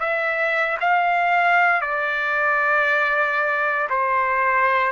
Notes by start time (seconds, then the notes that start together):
0.00 E5
0.81 F5
1.82 D5
3.90 C5